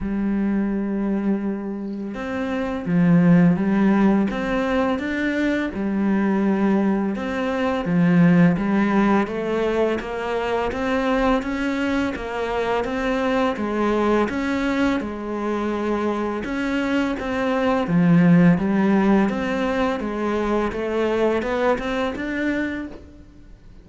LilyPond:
\new Staff \with { instrumentName = "cello" } { \time 4/4 \tempo 4 = 84 g2. c'4 | f4 g4 c'4 d'4 | g2 c'4 f4 | g4 a4 ais4 c'4 |
cis'4 ais4 c'4 gis4 | cis'4 gis2 cis'4 | c'4 f4 g4 c'4 | gis4 a4 b8 c'8 d'4 | }